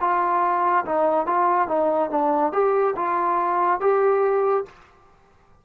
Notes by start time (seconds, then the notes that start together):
0.00 F4
0.85 D#4
1.26 F4
1.67 D#4
2.10 D4
2.52 G4
2.96 F4
3.80 G4